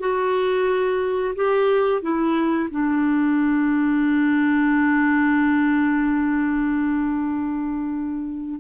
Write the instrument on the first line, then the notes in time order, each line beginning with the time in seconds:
clarinet
0.00 F#4
1.36 G4
2.02 E4
2.71 D4